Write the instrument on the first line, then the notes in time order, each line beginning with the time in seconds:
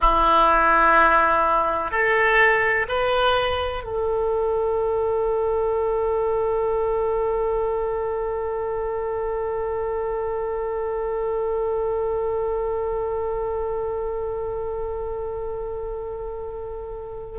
oboe
0.00 E4
1.90 A4
2.88 B4
3.83 A4